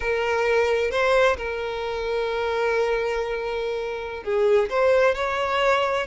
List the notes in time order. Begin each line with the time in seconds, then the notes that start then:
0.00 A#4
0.90 C5
1.37 A#4
4.23 G#4
4.69 C5
5.14 C#5